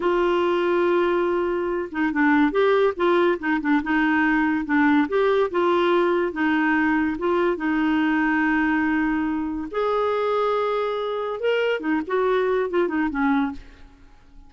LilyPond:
\new Staff \with { instrumentName = "clarinet" } { \time 4/4 \tempo 4 = 142 f'1~ | f'8 dis'8 d'4 g'4 f'4 | dis'8 d'8 dis'2 d'4 | g'4 f'2 dis'4~ |
dis'4 f'4 dis'2~ | dis'2. gis'4~ | gis'2. ais'4 | dis'8 fis'4. f'8 dis'8 cis'4 | }